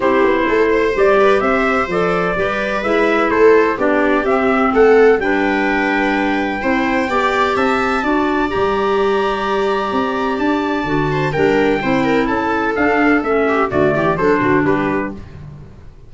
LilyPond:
<<
  \new Staff \with { instrumentName = "trumpet" } { \time 4/4 \tempo 4 = 127 c''2 d''4 e''4 | d''2 e''4 c''4 | d''4 e''4 fis''4 g''4~ | g''1 |
a''2 ais''2~ | ais''2 a''2 | g''2 a''4 f''4 | e''4 d''4 c''4 b'4 | }
  \new Staff \with { instrumentName = "viola" } { \time 4/4 g'4 a'8 c''4 b'8 c''4~ | c''4 b'2 a'4 | g'2 a'4 b'4~ | b'2 c''4 d''4 |
e''4 d''2.~ | d''2.~ d''8 c''8 | ais'4 c''8 ais'8 a'2~ | a'8 g'8 fis'8 g'8 a'8 fis'8 g'4 | }
  \new Staff \with { instrumentName = "clarinet" } { \time 4/4 e'2 g'2 | a'4 g'4 e'2 | d'4 c'2 d'4~ | d'2 e'4 g'4~ |
g'4 fis'4 g'2~ | g'2. fis'4 | d'4 e'2 d'4 | cis'4 a4 d'2 | }
  \new Staff \with { instrumentName = "tuba" } { \time 4/4 c'8 b8 a4 g4 c'4 | f4 g4 gis4 a4 | b4 c'4 a4 g4~ | g2 c'4 b4 |
c'4 d'4 g2~ | g4 c'4 d'4 d4 | g4 c'4 cis'4 d'4 | a4 d8 e8 fis8 d8 g4 | }
>>